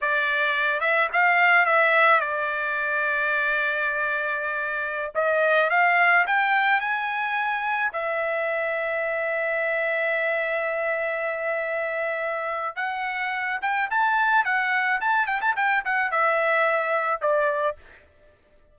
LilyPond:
\new Staff \with { instrumentName = "trumpet" } { \time 4/4 \tempo 4 = 108 d''4. e''8 f''4 e''4 | d''1~ | d''4~ d''16 dis''4 f''4 g''8.~ | g''16 gis''2 e''4.~ e''16~ |
e''1~ | e''2. fis''4~ | fis''8 g''8 a''4 fis''4 a''8 g''16 a''16 | g''8 fis''8 e''2 d''4 | }